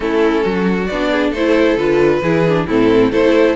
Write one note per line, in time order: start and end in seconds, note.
0.00 0.43 A3
0.00 0.86 C#4
0.00 0.43 E4
0.00 0.86 A4
0.43 0.89 F#3
0.43 1.10 F#4
0.86 1.31 B3
0.86 1.30 D5
0.92 1.36 D4
1.11 1.30 G#4
1.30 1.75 A3
1.30 1.77 E4
1.30 2.19 A4
1.30 1.77 C5
1.76 2.21 D3
1.76 2.22 F4
1.76 2.66 B4
2.22 2.66 E3
2.22 2.47 E4
2.22 2.67 G#4
2.47 2.68 D4
2.67 3.11 A2
2.67 3.12 C4
2.67 3.11 E4
2.67 3.12 A4
3.11 3.55 A3
3.11 3.55 E4
3.11 3.55 A4
3.11 3.55 C5